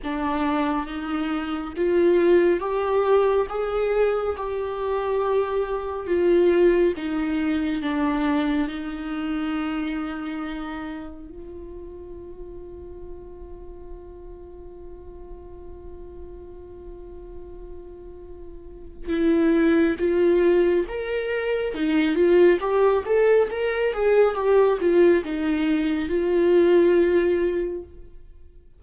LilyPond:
\new Staff \with { instrumentName = "viola" } { \time 4/4 \tempo 4 = 69 d'4 dis'4 f'4 g'4 | gis'4 g'2 f'4 | dis'4 d'4 dis'2~ | dis'4 f'2.~ |
f'1~ | f'2 e'4 f'4 | ais'4 dis'8 f'8 g'8 a'8 ais'8 gis'8 | g'8 f'8 dis'4 f'2 | }